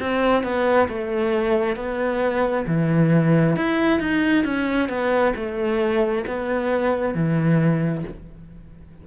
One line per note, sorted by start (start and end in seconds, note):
0.00 0.43 C4
0.43 0.88 B3
0.89 1.76 A3
1.76 2.66 B3
2.67 3.57 E3
3.57 4.00 E4
4.00 4.45 D#4
4.45 4.89 C#4
4.89 5.34 B3
5.36 6.25 A3
6.27 7.15 B3
7.15 8.04 E3